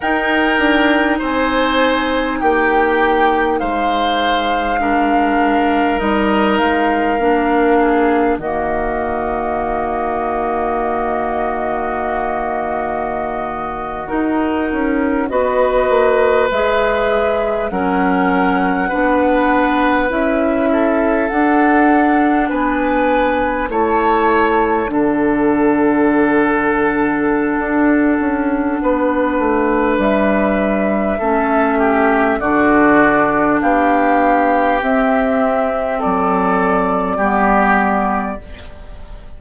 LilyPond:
<<
  \new Staff \with { instrumentName = "flute" } { \time 4/4 \tempo 4 = 50 g''4 gis''4 g''4 f''4~ | f''4 dis''8 f''4. dis''4~ | dis''2.~ dis''8. ais'16~ | ais'8. dis''4 e''4 fis''4~ fis''16~ |
fis''8. e''4 fis''4 gis''4 a''16~ | a''8. fis''2.~ fis''16~ | fis''4 e''2 d''4 | f''4 e''4 d''2 | }
  \new Staff \with { instrumentName = "oboe" } { \time 4/4 ais'4 c''4 g'4 c''4 | ais'2~ ais'8 gis'8 fis'4~ | fis'1~ | fis'8. b'2 ais'4 b'16~ |
b'4~ b'16 a'4. b'4 cis''16~ | cis''8. a'2.~ a'16 | b'2 a'8 g'8 fis'4 | g'2 a'4 g'4 | }
  \new Staff \with { instrumentName = "clarinet" } { \time 4/4 dis'1 | d'4 dis'4 d'4 ais4~ | ais2.~ ais8. dis'16~ | dis'8. fis'4 gis'4 cis'4 d'16~ |
d'8. e'4 d'2 e'16~ | e'8. d'2.~ d'16~ | d'2 cis'4 d'4~ | d'4 c'2 b4 | }
  \new Staff \with { instrumentName = "bassoon" } { \time 4/4 dis'8 d'8 c'4 ais4 gis4~ | gis4 g8 gis8 ais4 dis4~ | dis2.~ dis8. dis'16~ | dis'16 cis'8 b8 ais8 gis4 fis4 b16~ |
b8. cis'4 d'4 b4 a16~ | a8. d2~ d16 d'8 cis'8 | b8 a8 g4 a4 d4 | b4 c'4 fis4 g4 | }
>>